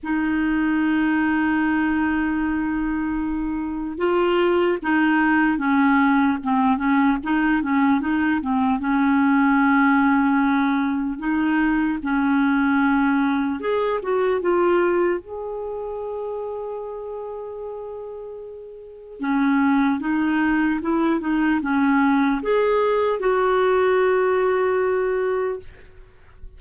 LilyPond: \new Staff \with { instrumentName = "clarinet" } { \time 4/4 \tempo 4 = 75 dis'1~ | dis'4 f'4 dis'4 cis'4 | c'8 cis'8 dis'8 cis'8 dis'8 c'8 cis'4~ | cis'2 dis'4 cis'4~ |
cis'4 gis'8 fis'8 f'4 gis'4~ | gis'1 | cis'4 dis'4 e'8 dis'8 cis'4 | gis'4 fis'2. | }